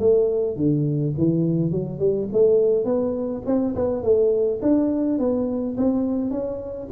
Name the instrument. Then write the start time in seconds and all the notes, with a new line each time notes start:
tuba
0.00 A3
0.57 D3
1.18 E3
1.72 F#3
2.00 G3
2.33 A3
2.85 B3
3.46 C4
3.76 B3
4.03 A3
4.62 D4
5.19 B3
5.78 C4
6.31 C#4